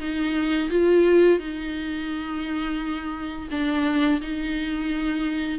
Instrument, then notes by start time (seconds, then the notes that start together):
viola
0.00 D#4
0.70 F4
1.39 D#4
3.51 D4
4.21 D#4